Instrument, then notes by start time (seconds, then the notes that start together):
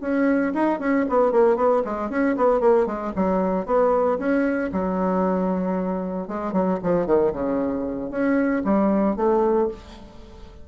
bassoon
0.00 C#4
0.54 D#4
0.79 C#4
1.09 B3
1.32 A#3
1.56 B3
1.84 G#3
2.09 C#4
2.36 B3
2.60 A#3
2.86 G#3
3.16 F#3
3.66 B3
4.18 C#4
4.72 F#3
6.28 G#3
6.52 F#3
6.83 F3
7.06 D#3
7.32 C#3
8.10 C#4
8.64 G3
9.16 A3